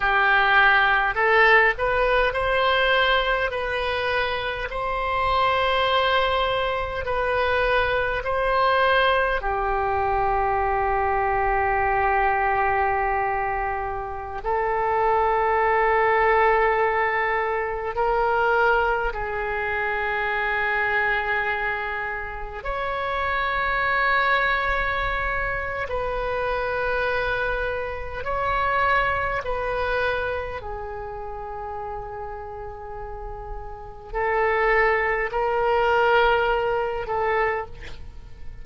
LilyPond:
\new Staff \with { instrumentName = "oboe" } { \time 4/4 \tempo 4 = 51 g'4 a'8 b'8 c''4 b'4 | c''2 b'4 c''4 | g'1~ | g'16 a'2. ais'8.~ |
ais'16 gis'2. cis''8.~ | cis''2 b'2 | cis''4 b'4 gis'2~ | gis'4 a'4 ais'4. a'8 | }